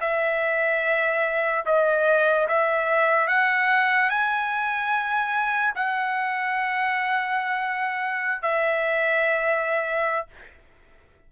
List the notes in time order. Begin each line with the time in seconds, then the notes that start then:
0.00 E5
1.65 D#5
2.47 E5
3.27 F#5
4.09 G#5
5.75 F#5
8.42 E5